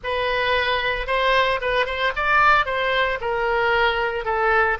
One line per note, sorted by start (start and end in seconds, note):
0.03 1.06 B4
1.06 1.59 C5
1.61 1.86 B4
1.86 2.12 C5
2.16 2.65 D5
2.65 3.19 C5
3.20 4.25 A#4
4.25 4.78 A4